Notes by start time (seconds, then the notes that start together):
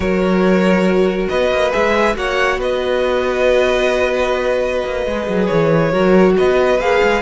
0.00 F#3 F#4 A#4 C#5
1.28 B3 B4 D#5
1.51 A#3
1.71 G#3 G#4 E5
2.14 A#3 F#4 C#5 F#5
2.57 B3 B4 D#5
4.85 A#3
5.06 G#3 G#4
5.28 F#3
5.46 E3 C#5
5.91 F#3 F#4 A#4
6.37 B3 B4 D#5
6.79 A#3 G#4 F5
7.03 G#3